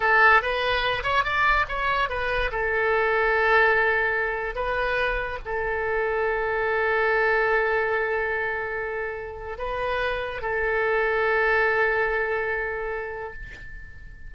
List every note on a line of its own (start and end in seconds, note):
0.00 0.41 A4
0.41 1.03 B4
1.03 1.23 C#5
1.23 1.65 D5
1.68 2.09 C#5
2.09 2.51 B4
2.51 4.55 A4
4.55 5.38 B4
5.45 9.58 A4
9.58 10.41 B4
10.41 13.33 A4